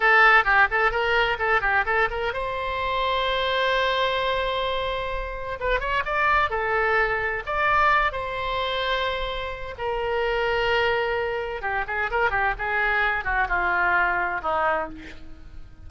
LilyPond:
\new Staff \with { instrumentName = "oboe" } { \time 4/4 \tempo 4 = 129 a'4 g'8 a'8 ais'4 a'8 g'8 | a'8 ais'8 c''2.~ | c''1 | b'8 cis''8 d''4 a'2 |
d''4. c''2~ c''8~ | c''4 ais'2.~ | ais'4 g'8 gis'8 ais'8 g'8 gis'4~ | gis'8 fis'8 f'2 dis'4 | }